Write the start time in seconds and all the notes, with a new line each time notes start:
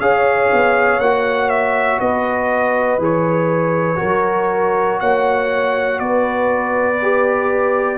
0.00 C#4 G#4 C#5 F5
0.53 B3
0.98 A#3 F#4 F#5
1.49 E5
2.00 B3 B4 D#5
2.98 E3 G#4 C#5
3.96 F#4 A#4
4.03 F#3
5.00 A#3 C#5 F#5
5.99 B3 B4 D5
7.02 G4